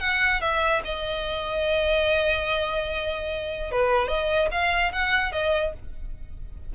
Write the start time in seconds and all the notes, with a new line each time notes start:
0.00 F#5
0.41 E5
0.85 D#5
3.72 B4
4.08 D#5
4.52 F5
4.92 F#5
5.32 D#5